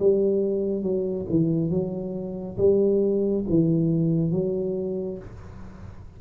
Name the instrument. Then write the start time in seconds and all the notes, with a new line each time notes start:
tuba
0.00 G3
0.83 F#3
1.30 E3
1.71 F#3
2.58 G3
3.50 E3
4.32 F#3